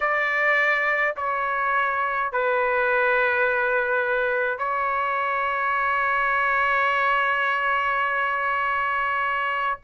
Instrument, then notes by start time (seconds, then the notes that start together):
trumpet
0.00 D5
1.16 C#5
2.32 B4
4.58 C#5